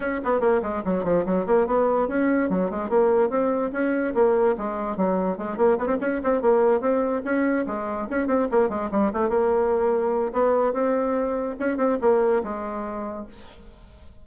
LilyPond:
\new Staff \with { instrumentName = "bassoon" } { \time 4/4 \tempo 4 = 145 cis'8 b8 ais8 gis8 fis8 f8 fis8 ais8 | b4 cis'4 fis8 gis8 ais4 | c'4 cis'4 ais4 gis4 | fis4 gis8 ais8 b16 c'16 cis'8 c'8 ais8~ |
ais8 c'4 cis'4 gis4 cis'8 | c'8 ais8 gis8 g8 a8 ais4.~ | ais4 b4 c'2 | cis'8 c'8 ais4 gis2 | }